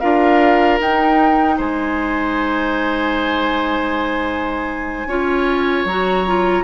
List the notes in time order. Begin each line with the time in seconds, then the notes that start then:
0.00 D4 F4 A#4 F5
0.81 D#4 G5
1.58 G#3 C5 G#5
5.07 C#4 F4 C#5
5.85 F#3 F#4 A#5
6.27 F4